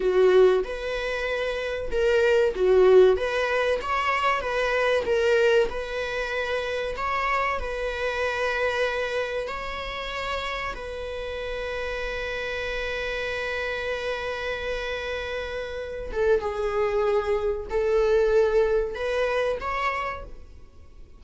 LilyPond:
\new Staff \with { instrumentName = "viola" } { \time 4/4 \tempo 4 = 95 fis'4 b'2 ais'4 | fis'4 b'4 cis''4 b'4 | ais'4 b'2 cis''4 | b'2. cis''4~ |
cis''4 b'2.~ | b'1~ | b'4. a'8 gis'2 | a'2 b'4 cis''4 | }